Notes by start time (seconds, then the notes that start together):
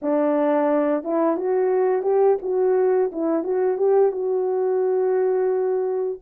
0.02 D4
1.03 E4
1.36 F#4
2.02 G4
2.42 F#4
3.12 E4
3.43 F#4
3.77 G4
4.11 F#4